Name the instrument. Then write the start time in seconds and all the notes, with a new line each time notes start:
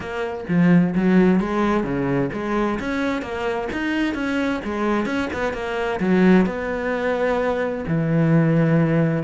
cello
0.00 A#3
0.48 F3
0.95 F#3
1.40 G#3
1.83 C#3
2.32 G#3
2.79 C#4
3.22 A#3
3.72 D#4
4.14 C#4
4.64 G#3
5.05 C#4
5.33 B3
5.53 A#3
6.00 F#3
6.46 B3
7.87 E3